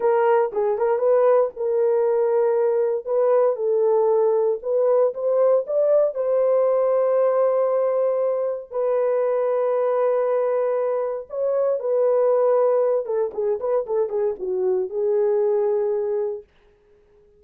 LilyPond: \new Staff \with { instrumentName = "horn" } { \time 4/4 \tempo 4 = 117 ais'4 gis'8 ais'8 b'4 ais'4~ | ais'2 b'4 a'4~ | a'4 b'4 c''4 d''4 | c''1~ |
c''4 b'2.~ | b'2 cis''4 b'4~ | b'4. a'8 gis'8 b'8 a'8 gis'8 | fis'4 gis'2. | }